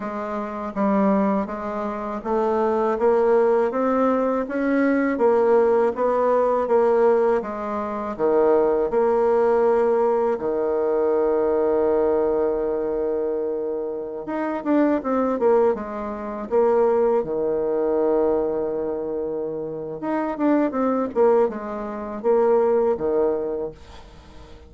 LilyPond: \new Staff \with { instrumentName = "bassoon" } { \time 4/4 \tempo 4 = 81 gis4 g4 gis4 a4 | ais4 c'4 cis'4 ais4 | b4 ais4 gis4 dis4 | ais2 dis2~ |
dis2.~ dis16 dis'8 d'16~ | d'16 c'8 ais8 gis4 ais4 dis8.~ | dis2. dis'8 d'8 | c'8 ais8 gis4 ais4 dis4 | }